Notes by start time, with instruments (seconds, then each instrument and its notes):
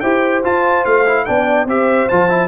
0.00 tuba E4, trombone G4, horn C5, trumpet G5
0.44 trombone F4, tuba F4, trumpet A5
0.85 tuba A3, trumpet F5
1.06 trombone E4
1.25 tuba B3, trombone D4, horn D5, trumpet G5
1.65 tuba C4, trombone G4, horn C5, trumpet E5
2.09 tuba F3, trombone F4, trumpet A5
2.29 trombone E4